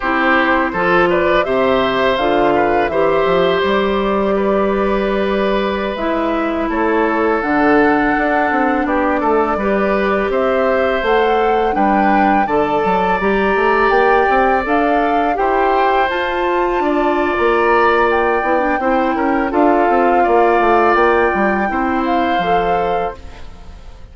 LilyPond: <<
  \new Staff \with { instrumentName = "flute" } { \time 4/4 \tempo 4 = 83 c''4. d''8 e''4 f''4 | e''4 d''2.~ | d''16 e''4 cis''4 fis''4.~ fis''16~ | fis''16 d''2 e''4 fis''8.~ |
fis''16 g''4 a''4 ais''4 g''8.~ | g''16 f''4 g''4 a''4.~ a''16 | ais''4 g''2 f''4~ | f''4 g''4. f''4. | }
  \new Staff \with { instrumentName = "oboe" } { \time 4/4 g'4 a'8 b'8 c''4. b'8 | c''2 b'2~ | b'4~ b'16 a'2~ a'8.~ | a'16 g'8 a'8 b'4 c''4.~ c''16~ |
c''16 b'4 d''2~ d''8.~ | d''4~ d''16 c''2 d''8.~ | d''2 c''8 ais'8 a'4 | d''2 c''2 | }
  \new Staff \with { instrumentName = "clarinet" } { \time 4/4 e'4 f'4 g'4 f'4 | g'1~ | g'16 e'2 d'4.~ d'16~ | d'4~ d'16 g'2 a'8.~ |
a'16 d'4 a'4 g'4.~ g'16~ | g'16 a'4 g'4 f'4.~ f'16~ | f'4. e'16 d'16 e'4 f'4~ | f'2 e'4 a'4 | }
  \new Staff \with { instrumentName = "bassoon" } { \time 4/4 c'4 f4 c4 d4 | e8 f8 g2.~ | g16 gis4 a4 d4 d'8 c'16~ | c'16 b8 a8 g4 c'4 a8.~ |
a16 g4 d8 fis8 g8 a8 ais8 c'16~ | c'16 d'4 e'4 f'4 d'8. | ais4. b8 c'8 cis'8 d'8 c'8 | ais8 a8 ais8 g8 c'4 f4 | }
>>